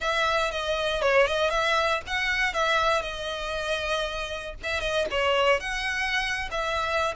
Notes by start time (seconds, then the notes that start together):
0.00 E5
0.51 D#5
1.01 C#5
1.26 D#5
1.50 E5
2.06 F#5
2.53 E5
3.02 D#5
4.63 E5
4.80 D#5
5.11 C#5
5.60 F#5
6.51 E5